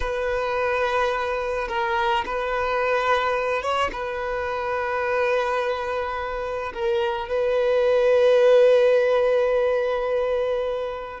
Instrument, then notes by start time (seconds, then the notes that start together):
violin
0.00 B4
1.68 A#4
2.25 B4
3.62 C#5
3.92 B4
6.73 A#4
7.28 B4